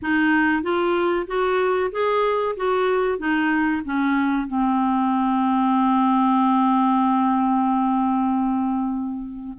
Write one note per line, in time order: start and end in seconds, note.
0.02 0.62 D#4
0.62 1.26 F4
1.27 1.91 F#4
1.91 2.55 G#4
2.56 3.18 F#4
3.18 3.82 D#4
3.84 4.47 C#4
4.47 9.57 C4